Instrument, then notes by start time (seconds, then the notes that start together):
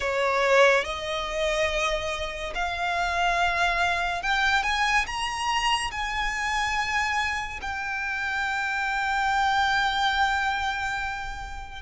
violin
0.00 C#5
0.84 D#5
2.55 F5
4.22 G5
4.63 G#5
5.06 A#5
5.91 G#5
7.61 G5